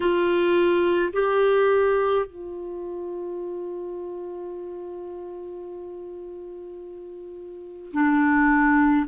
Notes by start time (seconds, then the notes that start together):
0.00 F4
1.13 G4
2.25 F4
7.92 D4